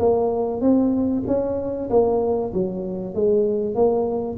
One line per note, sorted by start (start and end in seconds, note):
0.00 0.62 A#3
0.62 1.24 C4
1.27 1.90 C#4
1.90 2.53 A#3
2.54 3.15 F#3
3.15 3.76 G#3
3.76 4.38 A#3